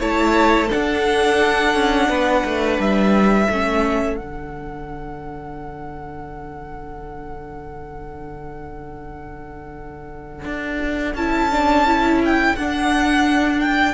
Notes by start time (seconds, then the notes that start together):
0.00 A3 E4 C#5 A5
0.68 D4 A4 F#5
0.75 D4
1.75 C#4
2.09 B3 B4
2.45 A3
2.79 G3 E5
3.48 A3 C#4 A4
4.17 D3 D4 F#5
10.45 D4
11.14 C#4 E4 A5
11.52 D4
11.87 E4
12.25 G5
12.56 D4 F#5
13.60 G5